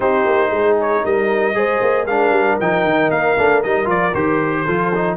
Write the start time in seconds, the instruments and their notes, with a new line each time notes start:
0.00 tuba C4, trombone D#4, horn G4, trumpet C5
0.25 tuba A#3
0.50 tuba G#3, horn G#4
0.80 trumpet C#5
1.03 tuba G3, horn A#4, trumpet D#5
1.54 tuba G#3, trombone G#4, horn C5
1.81 tuba A#3
2.06 tuba G#3, trombone D4, horn A#4, trumpet F5
2.30 tuba G3
2.59 tuba F3, trombone D#4, trumpet G5
2.84 tuba D#3
3.10 tuba A#3, trumpet F5
3.37 tuba A3, trombone D4
3.62 tuba G3, trombone D#4, trumpet D#5
3.84 tuba F3, trombone F4, trumpet D5
4.13 tuba D#3, trombone G4, trumpet C5
4.64 tuba F3, trombone F4, horn A4
4.94 trombone D#4